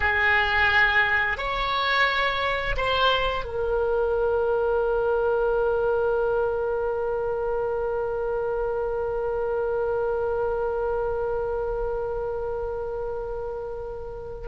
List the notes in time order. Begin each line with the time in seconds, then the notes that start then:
0.00 G#4
1.37 C#5
2.76 C5
3.45 A#4